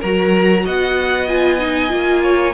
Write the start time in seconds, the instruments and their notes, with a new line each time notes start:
0.00 cello F#3, viola F#4, violin A#4 A#5
0.64 cello B3, violin D#5 F#5
1.27 viola F4, violin G#5
1.59 viola D#4
1.89 cello A#3, viola F4
2.22 violin C#5